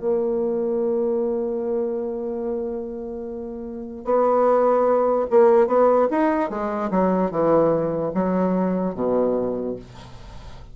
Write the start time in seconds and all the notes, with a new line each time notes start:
0.00 A#3
4.05 B3
5.31 A#3
5.68 B3
6.11 D#4
6.50 G#3
6.91 F#3
7.31 E3
8.14 F#3
8.95 B2